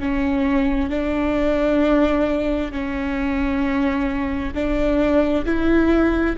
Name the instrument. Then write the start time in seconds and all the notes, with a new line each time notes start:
viola
0.00 C#4
0.90 D4
2.72 C#4
4.55 D4
5.46 E4